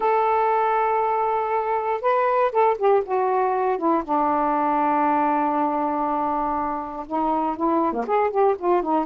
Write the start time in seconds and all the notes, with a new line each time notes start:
0.00 A4
2.01 B4
2.52 A4
2.78 G4
3.05 F#4
3.77 E4
4.04 D4
7.06 D#4
7.56 E4
7.92 A#3
8.07 G#4
8.30 G4
8.58 F4
8.82 D#4